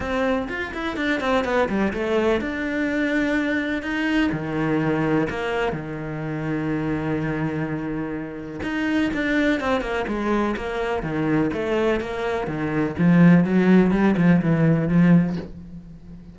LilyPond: \new Staff \with { instrumentName = "cello" } { \time 4/4 \tempo 4 = 125 c'4 f'8 e'8 d'8 c'8 b8 g8 | a4 d'2. | dis'4 dis2 ais4 | dis1~ |
dis2 dis'4 d'4 | c'8 ais8 gis4 ais4 dis4 | a4 ais4 dis4 f4 | fis4 g8 f8 e4 f4 | }